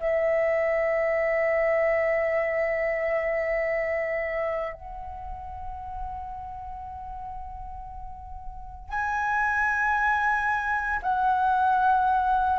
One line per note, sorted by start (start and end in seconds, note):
0.00 4.73 E5
4.73 8.89 F#5
8.89 11.00 G#5
11.02 12.59 F#5